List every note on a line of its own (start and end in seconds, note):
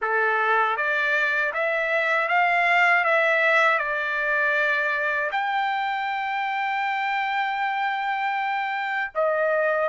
0.01 0.76 A4
0.76 1.52 D5
1.53 2.28 E5
2.28 3.04 F5
3.04 3.78 E5
3.78 5.30 D5
5.31 9.11 G5
9.14 9.89 D#5